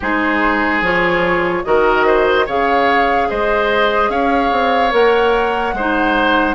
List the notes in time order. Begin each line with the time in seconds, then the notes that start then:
0.00 G#3 D#4 G#4 C5
0.81 F3 F4 C#5
1.64 D#3 F#4 A#4 D#5
2.06 C5
2.46 C#3 G#4 C#5 F5
3.29 G#3 C5 D#5
4.09 C#4 C#5 F5
4.51 C4
4.91 A#3 A#4 F#5
5.73 G#3 C5
5.79 D#4